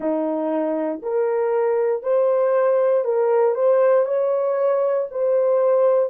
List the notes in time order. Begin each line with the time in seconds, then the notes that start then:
0.00 D#4
1.02 A#4
2.02 C5
3.04 A#4
3.54 C5
4.05 C#5
5.11 C5